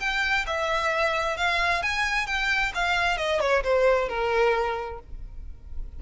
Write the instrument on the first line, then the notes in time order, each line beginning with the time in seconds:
violin
0.00 G5
0.47 E5
1.37 F5
1.83 G#5
2.27 G5
2.75 F5
3.18 D#5
3.40 C#5
3.64 C5
4.09 A#4